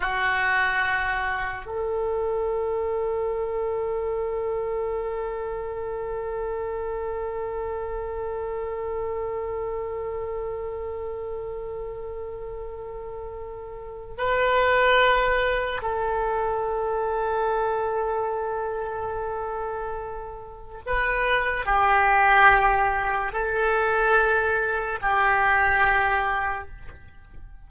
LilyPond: \new Staff \with { instrumentName = "oboe" } { \time 4/4 \tempo 4 = 72 fis'2 a'2~ | a'1~ | a'1~ | a'1~ |
a'4 b'2 a'4~ | a'1~ | a'4 b'4 g'2 | a'2 g'2 | }